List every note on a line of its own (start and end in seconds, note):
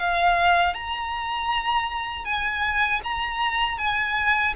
0.00 0.75 F5
0.75 2.25 A#5
2.25 3.01 G#5
3.04 3.79 A#5
3.79 4.55 G#5